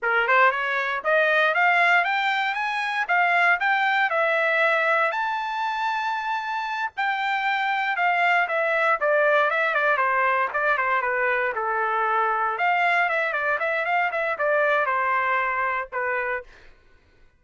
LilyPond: \new Staff \with { instrumentName = "trumpet" } { \time 4/4 \tempo 4 = 117 ais'8 c''8 cis''4 dis''4 f''4 | g''4 gis''4 f''4 g''4 | e''2 a''2~ | a''4. g''2 f''8~ |
f''8 e''4 d''4 e''8 d''8 c''8~ | c''8 d''8 c''8 b'4 a'4.~ | a'8 f''4 e''8 d''8 e''8 f''8 e''8 | d''4 c''2 b'4 | }